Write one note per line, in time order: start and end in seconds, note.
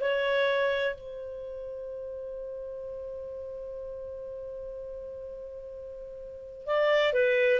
0.00 0.95 C#5
0.95 6.66 C5
6.66 7.13 D5
7.13 7.60 B4